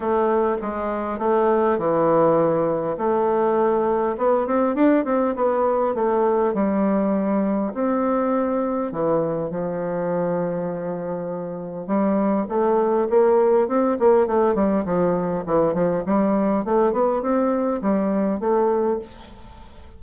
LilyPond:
\new Staff \with { instrumentName = "bassoon" } { \time 4/4 \tempo 4 = 101 a4 gis4 a4 e4~ | e4 a2 b8 c'8 | d'8 c'8 b4 a4 g4~ | g4 c'2 e4 |
f1 | g4 a4 ais4 c'8 ais8 | a8 g8 f4 e8 f8 g4 | a8 b8 c'4 g4 a4 | }